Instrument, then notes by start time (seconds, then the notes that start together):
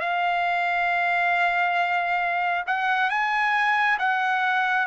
trumpet
0.00 F5
2.67 F#5
3.10 G#5
3.99 F#5